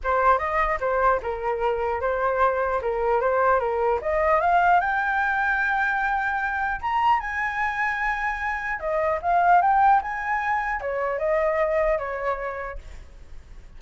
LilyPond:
\new Staff \with { instrumentName = "flute" } { \time 4/4 \tempo 4 = 150 c''4 dis''4 c''4 ais'4~ | ais'4 c''2 ais'4 | c''4 ais'4 dis''4 f''4 | g''1~ |
g''4 ais''4 gis''2~ | gis''2 dis''4 f''4 | g''4 gis''2 cis''4 | dis''2 cis''2 | }